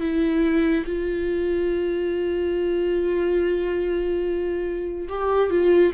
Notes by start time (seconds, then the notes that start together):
0.00 E4
0.86 F4
5.09 G4
5.50 F4